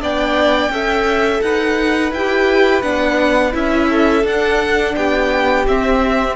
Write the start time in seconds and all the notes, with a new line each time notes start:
0.00 B3 D4 D5 G5
0.69 C#4 A4 E5
1.41 D#4 B4 F#5
2.11 E4 G4 G5
2.82 B3 D4 F#5
3.52 C#4 E4 E5
3.89 A4
4.24 D4 F#5
4.95 B3 G4 G5
5.67 C4 E5